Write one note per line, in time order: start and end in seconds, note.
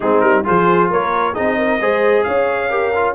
0.00 0.21 G#3
0.00 0.44 C4
0.00 0.45 D#4
0.00 0.20 G#4
0.20 0.44 G3
0.20 0.43 A#4
0.44 0.91 F3
0.44 1.34 F4
0.44 0.89 G#4
0.44 0.91 C5
0.89 1.36 A#3
0.89 1.33 A#4
0.89 1.34 C#5
1.33 1.80 C4
1.33 1.79 D#4
1.33 1.56 G#4
1.33 2.23 D#5
1.57 1.80 A#4
1.80 2.25 G#3
1.80 2.70 G#4
1.80 2.25 C5
2.23 3.14 C#4
2.23 2.70 C#5
2.23 3.13 F5
2.70 2.92 G4
2.70 3.14 A#4
2.95 3.14 F4